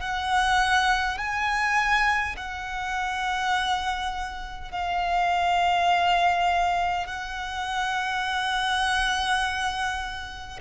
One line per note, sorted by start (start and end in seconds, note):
0.00 1.18 F#5
1.18 2.35 G#5
2.36 4.71 F#5
4.71 7.06 F5
7.06 10.59 F#5